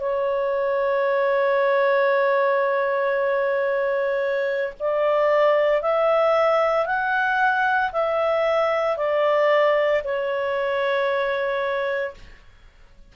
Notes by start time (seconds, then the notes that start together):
0.00 C#5
4.79 D5
5.82 E5
6.86 F#5
7.92 E5
8.97 D5
10.04 C#5